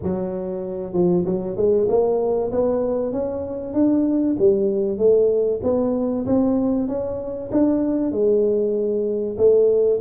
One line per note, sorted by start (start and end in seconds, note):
0.02 0.93 F#3
0.93 1.24 F3
1.25 1.56 F#3
1.56 1.87 G#3
1.88 2.51 A#3
2.51 3.12 B3
3.12 3.73 C#4
3.73 4.36 D4
4.38 4.97 G3
4.97 5.60 A3
5.63 6.25 B3
6.26 6.88 C4
6.88 7.50 C#4
7.51 8.11 D4
8.11 9.36 G#3
9.37 10.00 A3